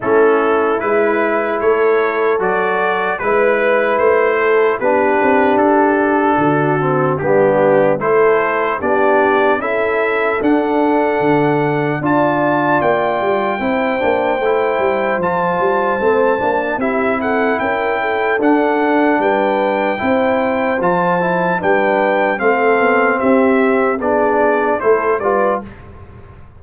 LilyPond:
<<
  \new Staff \with { instrumentName = "trumpet" } { \time 4/4 \tempo 4 = 75 a'4 b'4 cis''4 d''4 | b'4 c''4 b'4 a'4~ | a'4 g'4 c''4 d''4 | e''4 fis''2 a''4 |
g''2. a''4~ | a''4 e''8 fis''8 g''4 fis''4 | g''2 a''4 g''4 | f''4 e''4 d''4 c''8 d''8 | }
  \new Staff \with { instrumentName = "horn" } { \time 4/4 e'2 a'2 | b'4. a'8 g'2 | fis'4 d'4 a'4 g'4 | a'2. d''4~ |
d''4 c''2.~ | c''4 g'8 a'8 ais'8 a'4. | b'4 c''2 b'4 | a'4 g'4 gis'4 a'8 b'8 | }
  \new Staff \with { instrumentName = "trombone" } { \time 4/4 cis'4 e'2 fis'4 | e'2 d'2~ | d'8 c'8 b4 e'4 d'4 | e'4 d'2 f'4~ |
f'4 e'8 d'8 e'4 f'4 | c'8 d'8 e'2 d'4~ | d'4 e'4 f'8 e'8 d'4 | c'2 d'4 e'8 f'8 | }
  \new Staff \with { instrumentName = "tuba" } { \time 4/4 a4 gis4 a4 fis4 | gis4 a4 b8 c'8 d'4 | d4 g4 a4 b4 | cis'4 d'4 d4 d'4 |
ais8 g8 c'8 ais8 a8 g8 f8 g8 | a8 ais8 c'4 cis'4 d'4 | g4 c'4 f4 g4 | a8 b8 c'4 b4 a8 g8 | }
>>